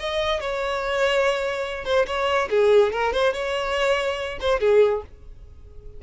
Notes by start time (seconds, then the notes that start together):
0.00 D#5
0.41 C#5
1.85 C5
2.07 C#5
2.50 G#4
2.93 A#4
3.13 C5
3.34 C#5
4.41 C5
4.60 G#4